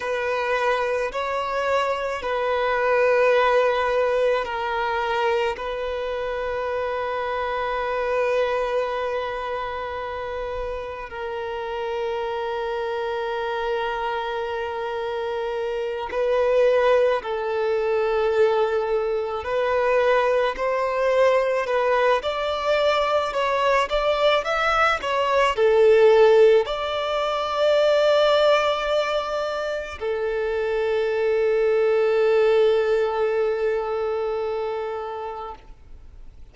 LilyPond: \new Staff \with { instrumentName = "violin" } { \time 4/4 \tempo 4 = 54 b'4 cis''4 b'2 | ais'4 b'2.~ | b'2 ais'2~ | ais'2~ ais'8 b'4 a'8~ |
a'4. b'4 c''4 b'8 | d''4 cis''8 d''8 e''8 cis''8 a'4 | d''2. a'4~ | a'1 | }